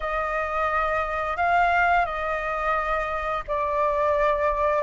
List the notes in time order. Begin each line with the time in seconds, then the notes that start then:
0.00 D#5
1.36 F5
2.05 D#5
3.47 D5